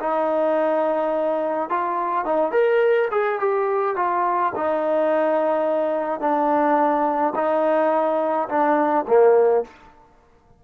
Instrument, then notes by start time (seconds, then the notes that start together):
trombone
0.00 D#4
1.70 F4
2.26 D#4
2.52 A#4
3.12 G#4
3.40 G4
3.96 F4
4.56 D#4
6.21 D4
7.35 D#4
8.49 D4
9.08 A#3